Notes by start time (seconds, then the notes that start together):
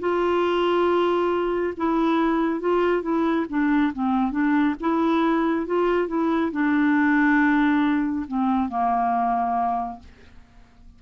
0.00 F4
1.77 E4
2.61 F4
3.03 E4
3.50 D4
3.94 C4
4.32 D4
4.81 E4
5.66 F4
6.08 E4
6.53 D4
8.28 C4
8.70 A#3